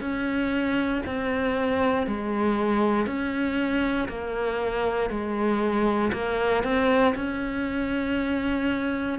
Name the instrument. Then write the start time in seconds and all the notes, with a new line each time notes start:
cello
0.00 C#4
1.06 C4
2.07 G#3
3.06 C#4
4.08 A#3
5.10 G#3
6.12 A#3
6.63 C4
7.15 C#4